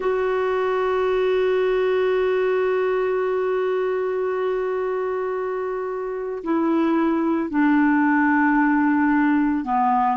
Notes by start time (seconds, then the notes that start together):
0.00 F#4
6.43 E4
7.50 D4
9.64 B3